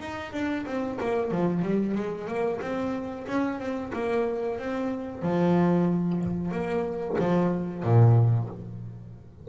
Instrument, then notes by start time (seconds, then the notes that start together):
double bass
0.00 D#4
0.33 D4
0.66 C4
1.00 A#3
1.31 F3
1.62 G3
1.95 G#3
2.27 A#3
2.61 C4
3.28 C#4
3.59 C4
3.93 A#3
4.59 C4
5.22 F3
6.51 A#3
7.19 F3
7.83 A#2